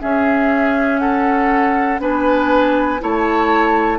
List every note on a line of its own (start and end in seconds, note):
0.00 1.99 C#4
0.00 2.00 C#4
0.00 1.01 G#4
0.00 0.99 E5
0.99 2.01 A4
0.99 1.99 F#5
1.99 3.00 B3
1.99 2.99 D4
1.99 3.01 B4
1.99 3.02 G#5
3.00 3.99 A3
3.00 3.99 E4
3.00 3.99 C#5
3.00 3.99 A5